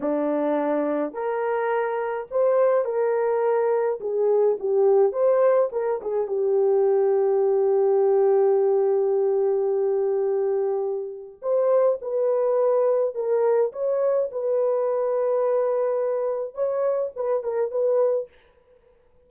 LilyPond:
\new Staff \with { instrumentName = "horn" } { \time 4/4 \tempo 4 = 105 d'2 ais'2 | c''4 ais'2 gis'4 | g'4 c''4 ais'8 gis'8 g'4~ | g'1~ |
g'1 | c''4 b'2 ais'4 | cis''4 b'2.~ | b'4 cis''4 b'8 ais'8 b'4 | }